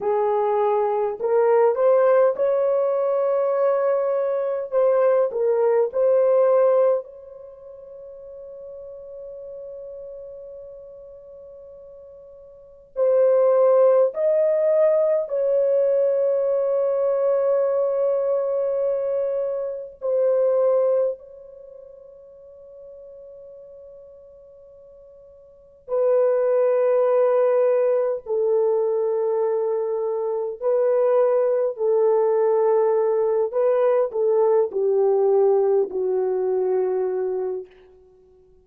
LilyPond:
\new Staff \with { instrumentName = "horn" } { \time 4/4 \tempo 4 = 51 gis'4 ais'8 c''8 cis''2 | c''8 ais'8 c''4 cis''2~ | cis''2. c''4 | dis''4 cis''2.~ |
cis''4 c''4 cis''2~ | cis''2 b'2 | a'2 b'4 a'4~ | a'8 b'8 a'8 g'4 fis'4. | }